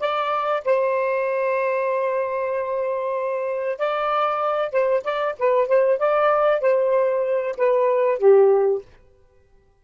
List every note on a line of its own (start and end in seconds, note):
0.00 0.63 D5
0.65 3.78 C5
3.78 4.72 D5
4.72 5.03 C5
5.04 5.35 D5
5.39 5.68 B4
5.68 5.99 C5
5.99 6.61 D5
6.61 7.55 C5
7.57 8.18 B4
8.18 8.82 G4